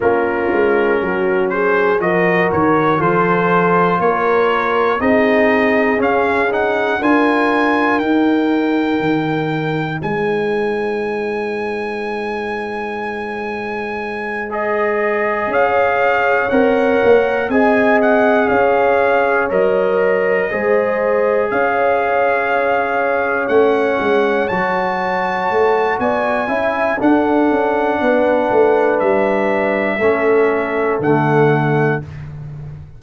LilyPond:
<<
  \new Staff \with { instrumentName = "trumpet" } { \time 4/4 \tempo 4 = 60 ais'4. c''8 dis''8 cis''8 c''4 | cis''4 dis''4 f''8 fis''8 gis''4 | g''2 gis''2~ | gis''2~ gis''8 dis''4 f''8~ |
f''8 fis''4 gis''8 fis''8 f''4 dis''8~ | dis''4. f''2 fis''8~ | fis''8 a''4. gis''4 fis''4~ | fis''4 e''2 fis''4 | }
  \new Staff \with { instrumentName = "horn" } { \time 4/4 f'4 fis'8 gis'8 ais'4 a'4 | ais'4 gis'2 ais'4~ | ais'2 c''2~ | c''2.~ c''8 cis''8~ |
cis''4. dis''4 cis''4.~ | cis''8 c''4 cis''2~ cis''8~ | cis''2 d''8 e''8 a'4 | b'2 a'2 | }
  \new Staff \with { instrumentName = "trombone" } { \time 4/4 cis'2 fis'4 f'4~ | f'4 dis'4 cis'8 dis'8 f'4 | dis'1~ | dis'2~ dis'8 gis'4.~ |
gis'8 ais'4 gis'2 ais'8~ | ais'8 gis'2. cis'8~ | cis'8 fis'2 e'8 d'4~ | d'2 cis'4 a4 | }
  \new Staff \with { instrumentName = "tuba" } { \time 4/4 ais8 gis8 fis4 f8 dis8 f4 | ais4 c'4 cis'4 d'4 | dis'4 dis4 gis2~ | gis2.~ gis8 cis'8~ |
cis'8 c'8 ais8 c'4 cis'4 fis8~ | fis8 gis4 cis'2 a8 | gis8 fis4 a8 b8 cis'8 d'8 cis'8 | b8 a8 g4 a4 d4 | }
>>